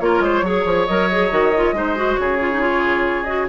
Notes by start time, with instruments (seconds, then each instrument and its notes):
0.00 bassoon A#3, clarinet F4, oboe A#4, flute C#5
0.20 bassoon G#3, oboe C5
0.42 bassoon F#3, clarinet G#4, oboe C#5
0.65 bassoon F3
0.86 bassoon F#3, clarinet A#4, flute D#5
1.11 clarinet G#4
1.30 bassoon D#3, clarinet F#4
1.56 clarinet F4
1.72 bassoon G#3, clarinet D#4, oboe C5
1.95 clarinet F#4
2.15 bassoon C#3, oboe G#4, flute C#5
2.40 clarinet F4
2.52 clarinet D#4
2.60 clarinet F4
3.23 clarinet F#4, flute D#5